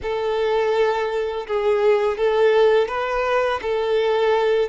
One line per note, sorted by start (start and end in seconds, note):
0.02 1.46 A4
1.47 2.17 G#4
2.17 2.88 A4
2.88 3.60 B4
3.61 4.69 A4